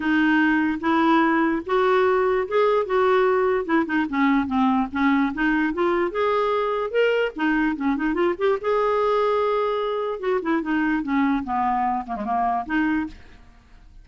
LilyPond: \new Staff \with { instrumentName = "clarinet" } { \time 4/4 \tempo 4 = 147 dis'2 e'2 | fis'2 gis'4 fis'4~ | fis'4 e'8 dis'8 cis'4 c'4 | cis'4 dis'4 f'4 gis'4~ |
gis'4 ais'4 dis'4 cis'8 dis'8 | f'8 g'8 gis'2.~ | gis'4 fis'8 e'8 dis'4 cis'4 | b4. ais16 gis16 ais4 dis'4 | }